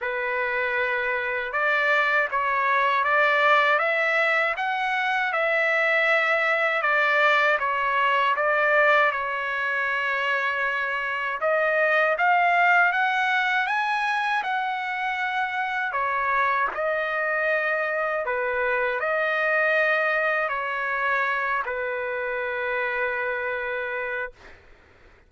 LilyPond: \new Staff \with { instrumentName = "trumpet" } { \time 4/4 \tempo 4 = 79 b'2 d''4 cis''4 | d''4 e''4 fis''4 e''4~ | e''4 d''4 cis''4 d''4 | cis''2. dis''4 |
f''4 fis''4 gis''4 fis''4~ | fis''4 cis''4 dis''2 | b'4 dis''2 cis''4~ | cis''8 b'2.~ b'8 | }